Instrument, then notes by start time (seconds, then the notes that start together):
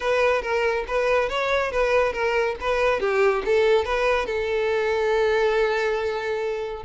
violin
0.00 B4
0.42 A#4
0.87 B4
1.29 C#5
1.71 B4
2.13 A#4
2.60 B4
3.00 G4
3.45 A4
3.85 B4
4.25 A4